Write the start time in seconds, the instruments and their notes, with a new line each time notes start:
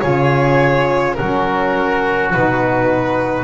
0.00 double bass C#3, saxophone F4, oboe G#4, violin C#5
1.14 saxophone C#4, oboe F#4, violin A#4
1.21 double bass F#3
2.33 double bass B2, saxophone D#4, violin B4